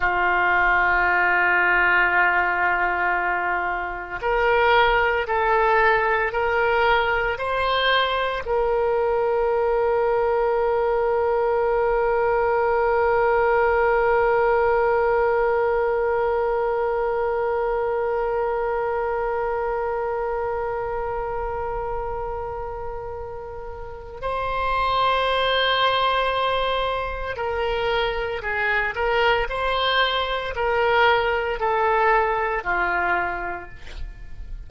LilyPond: \new Staff \with { instrumentName = "oboe" } { \time 4/4 \tempo 4 = 57 f'1 | ais'4 a'4 ais'4 c''4 | ais'1~ | ais'1~ |
ais'1~ | ais'2. c''4~ | c''2 ais'4 gis'8 ais'8 | c''4 ais'4 a'4 f'4 | }